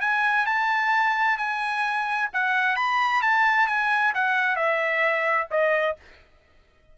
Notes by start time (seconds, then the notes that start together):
0.00 G#5
0.46 A5
1.37 G#5
2.33 F#5
2.76 B5
3.21 A5
3.67 G#5
4.14 F#5
4.56 E5
5.50 D#5